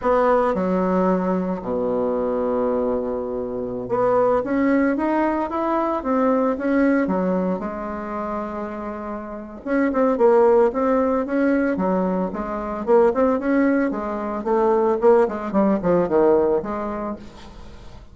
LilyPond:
\new Staff \with { instrumentName = "bassoon" } { \time 4/4 \tempo 4 = 112 b4 fis2 b,4~ | b,2.~ b,16 b8.~ | b16 cis'4 dis'4 e'4 c'8.~ | c'16 cis'4 fis4 gis4.~ gis16~ |
gis2 cis'8 c'8 ais4 | c'4 cis'4 fis4 gis4 | ais8 c'8 cis'4 gis4 a4 | ais8 gis8 g8 f8 dis4 gis4 | }